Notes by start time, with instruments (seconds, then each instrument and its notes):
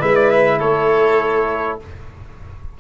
0.00 tuba G#3, trombone E4, violin B4, trumpet E5
0.16 trumpet D5
0.30 trumpet E5
0.58 tuba A3, violin A4, trumpet C#5